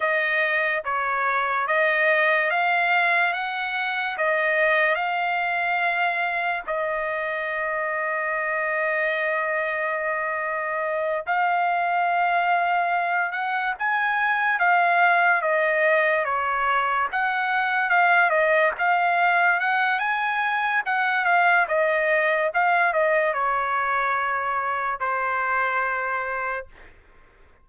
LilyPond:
\new Staff \with { instrumentName = "trumpet" } { \time 4/4 \tempo 4 = 72 dis''4 cis''4 dis''4 f''4 | fis''4 dis''4 f''2 | dis''1~ | dis''4. f''2~ f''8 |
fis''8 gis''4 f''4 dis''4 cis''8~ | cis''8 fis''4 f''8 dis''8 f''4 fis''8 | gis''4 fis''8 f''8 dis''4 f''8 dis''8 | cis''2 c''2 | }